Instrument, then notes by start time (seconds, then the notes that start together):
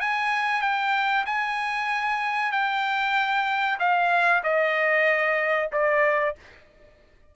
trumpet
0.00 G#5
0.61 G5
1.25 G#5
2.51 G5
3.79 F5
4.43 D#5
5.72 D5